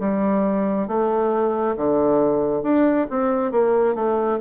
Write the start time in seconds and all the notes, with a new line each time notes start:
0.00 G3
0.88 A3
1.76 D3
2.63 D4
3.10 C4
3.52 A#3
3.95 A3